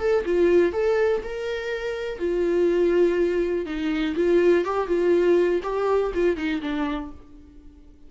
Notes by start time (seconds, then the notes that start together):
0.00 A4
0.25 F4
0.73 A4
1.24 A#4
2.19 F4
3.66 D#4
4.16 F4
4.65 G4
4.88 F4
5.63 G4
6.15 F4
6.37 D#4
6.62 D4